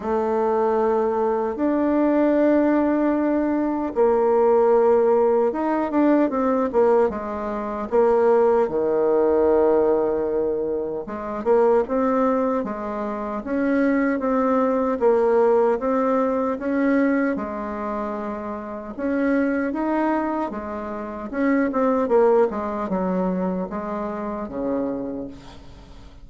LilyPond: \new Staff \with { instrumentName = "bassoon" } { \time 4/4 \tempo 4 = 76 a2 d'2~ | d'4 ais2 dis'8 d'8 | c'8 ais8 gis4 ais4 dis4~ | dis2 gis8 ais8 c'4 |
gis4 cis'4 c'4 ais4 | c'4 cis'4 gis2 | cis'4 dis'4 gis4 cis'8 c'8 | ais8 gis8 fis4 gis4 cis4 | }